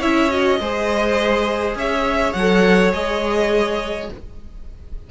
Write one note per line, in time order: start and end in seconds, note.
0.00 0.60 C#4
0.00 0.30 E4
0.00 0.58 C#5
0.00 0.31 E5
0.30 0.59 F#4
0.30 1.76 D#5
0.60 1.75 G#3
0.60 2.38 G#4
0.60 1.77 C5
1.75 2.34 C#4
1.75 4.11 C#5
1.75 2.34 E5
2.34 2.93 F#3
2.34 2.93 A4
2.34 2.92 F#5
2.93 4.10 G#3
2.93 4.09 G#4
2.93 4.10 D#5